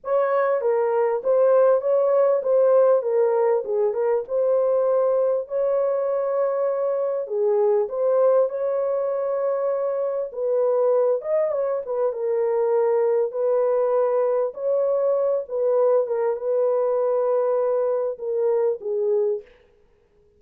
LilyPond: \new Staff \with { instrumentName = "horn" } { \time 4/4 \tempo 4 = 99 cis''4 ais'4 c''4 cis''4 | c''4 ais'4 gis'8 ais'8 c''4~ | c''4 cis''2. | gis'4 c''4 cis''2~ |
cis''4 b'4. dis''8 cis''8 b'8 | ais'2 b'2 | cis''4. b'4 ais'8 b'4~ | b'2 ais'4 gis'4 | }